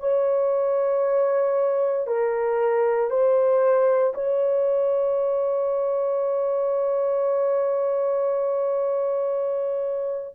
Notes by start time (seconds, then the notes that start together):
0.00 C#5
2.07 A#4
3.10 C5
4.15 C#5